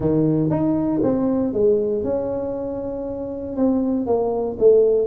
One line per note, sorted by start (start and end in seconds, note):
0.00 0.50 D#3
0.50 1.01 D#4
1.02 1.53 C4
1.53 2.03 G#3
2.03 3.56 C#4
3.56 4.06 C4
4.06 4.57 A#3
4.59 5.07 A3